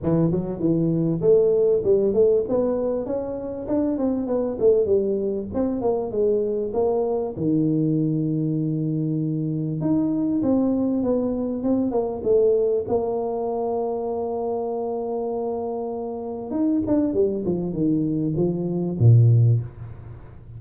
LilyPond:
\new Staff \with { instrumentName = "tuba" } { \time 4/4 \tempo 4 = 98 e8 fis8 e4 a4 g8 a8 | b4 cis'4 d'8 c'8 b8 a8 | g4 c'8 ais8 gis4 ais4 | dis1 |
dis'4 c'4 b4 c'8 ais8 | a4 ais2.~ | ais2. dis'8 d'8 | g8 f8 dis4 f4 ais,4 | }